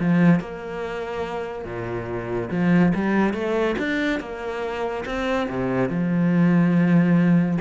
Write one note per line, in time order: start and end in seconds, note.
0.00 0.40 F3
0.40 1.65 A#3
1.65 2.50 A#2
2.51 2.93 F3
2.95 3.34 G3
3.34 3.76 A3
3.79 4.21 D4
4.21 5.05 A#3
5.06 5.48 C4
5.49 5.90 C3
5.90 7.59 F3